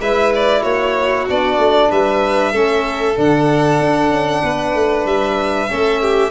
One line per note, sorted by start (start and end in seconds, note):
0.00 0.63 G#3
0.00 1.28 E4
0.00 0.62 B4
0.00 0.33 E5
0.35 0.63 D5
0.62 1.27 A#3
0.62 1.88 F#4
0.62 1.26 C#5
1.29 1.58 B3
1.29 2.54 D4
1.29 1.91 D5
1.58 1.90 A3
1.90 2.54 G3
1.90 2.52 B4
1.90 3.18 E5
2.52 3.17 A3
2.52 3.16 C#4
2.52 4.42 A4
3.16 3.80 D3
3.16 5.68 D4
3.16 5.06 F#5
3.80 4.11 D4
4.11 4.42 C#4
4.43 4.75 B3
4.43 5.69 B4
4.75 5.06 A3
5.06 5.69 G3
5.06 6.31 E5
5.68 6.31 A3
5.68 6.31 C#4
5.68 6.02 A4
6.02 6.31 G4